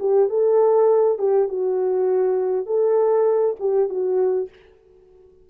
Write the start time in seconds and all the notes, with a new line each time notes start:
0.00 G4
0.29 A4
1.19 G4
1.49 F#4
2.66 A4
3.60 G4
3.89 F#4